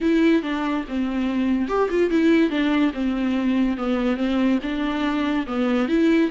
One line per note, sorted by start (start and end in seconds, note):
0.00 0.42 E4
0.42 0.84 D4
0.88 1.68 C4
1.68 1.89 G4
1.89 2.10 F4
2.10 2.50 E4
2.50 2.92 D4
2.93 3.77 C4
3.77 4.17 B3
4.17 4.58 C4
4.62 5.46 D4
5.46 5.88 B3
5.88 6.30 E4